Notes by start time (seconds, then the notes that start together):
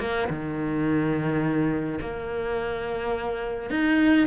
0.00 A#3
0.30 D#3
2.01 A#3
3.70 D#4